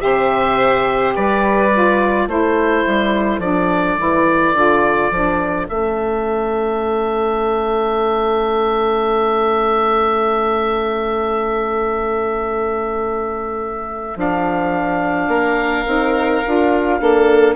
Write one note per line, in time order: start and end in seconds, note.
0.00 1.17 C3
0.00 1.70 G4
0.00 1.16 C5
0.00 1.14 E5
1.15 2.28 G3
1.15 2.26 B4
1.15 2.29 D5
1.74 2.28 F4
2.26 2.84 A3
2.26 3.42 E4
2.26 15.28 A4
2.26 3.41 C5
2.87 3.39 G3
3.39 3.95 F3
3.39 3.98 D4
3.39 5.67 D5
3.98 4.54 E3
3.98 4.55 E4
4.54 5.10 D3
4.54 5.12 F4
5.11 5.67 F3
5.11 5.67 D4
5.67 14.16 A3
5.67 14.15 C#4
5.67 14.18 E5
14.15 15.28 F3
14.15 15.85 D4
14.15 17.55 F5
15.28 15.85 A#3
15.28 16.99 A#4
15.86 16.43 C4
15.86 16.43 D#4
16.45 17.00 D4
16.45 17.00 F4
17.00 17.55 A#3
17.00 17.55 D4
17.00 17.55 A4